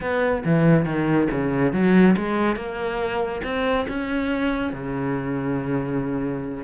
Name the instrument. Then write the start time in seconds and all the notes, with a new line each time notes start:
cello
0.00 B3
0.44 E3
0.85 D#3
1.31 C#3
1.72 F#3
2.16 G#3
2.56 A#3
3.43 C4
3.88 C#4
4.73 C#3